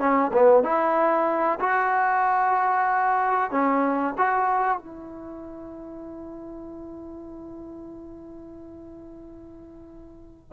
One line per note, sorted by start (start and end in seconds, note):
0.00 0.32 C#4
0.34 0.64 B3
0.64 1.60 E4
1.60 3.51 F#4
3.51 4.15 C#4
4.18 4.78 F#4
4.78 10.53 E4